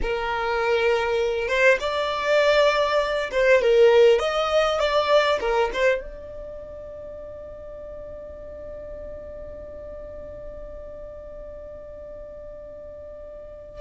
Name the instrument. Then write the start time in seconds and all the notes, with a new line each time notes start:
violin
0.02 A#4
1.48 C5
1.79 D5
3.31 C5
3.61 A#4
4.19 D#5
4.79 D5
5.40 A#4
5.73 C5
6.01 D5